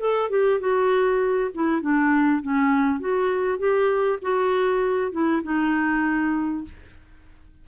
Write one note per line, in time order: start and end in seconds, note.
0.00 0.30 A4
0.30 0.60 G4
0.60 1.51 F#4
1.54 1.82 E4
1.82 2.42 D4
2.42 3.00 C#4
3.00 3.59 F#4
3.59 4.19 G4
4.22 5.12 F#4
5.12 5.42 E4
5.43 6.64 D#4